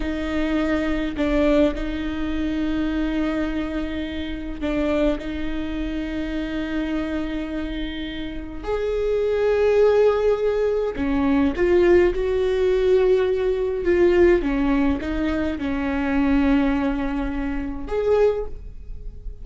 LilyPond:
\new Staff \with { instrumentName = "viola" } { \time 4/4 \tempo 4 = 104 dis'2 d'4 dis'4~ | dis'1 | d'4 dis'2.~ | dis'2. gis'4~ |
gis'2. cis'4 | f'4 fis'2. | f'4 cis'4 dis'4 cis'4~ | cis'2. gis'4 | }